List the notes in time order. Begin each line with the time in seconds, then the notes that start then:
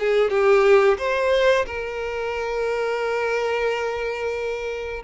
0.00 G#4
0.31 G4
0.98 C5
1.66 A#4